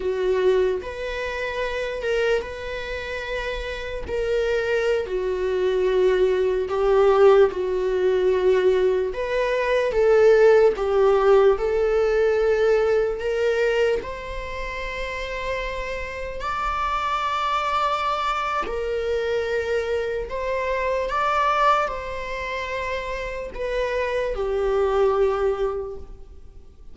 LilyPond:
\new Staff \with { instrumentName = "viola" } { \time 4/4 \tempo 4 = 74 fis'4 b'4. ais'8 b'4~ | b'4 ais'4~ ais'16 fis'4.~ fis'16~ | fis'16 g'4 fis'2 b'8.~ | b'16 a'4 g'4 a'4.~ a'16~ |
a'16 ais'4 c''2~ c''8.~ | c''16 d''2~ d''8. ais'4~ | ais'4 c''4 d''4 c''4~ | c''4 b'4 g'2 | }